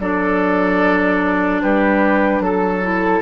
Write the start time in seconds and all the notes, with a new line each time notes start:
0.00 F#3 D4 A4 D5
1.62 G3 G4 B4
2.40 F#3 A4
2.83 E4